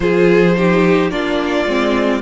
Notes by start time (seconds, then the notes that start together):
0.00 F3 F4 G#4 C5
0.56 D#4 G4
1.09 A#3 D4 F4 D5
1.66 G#3 C4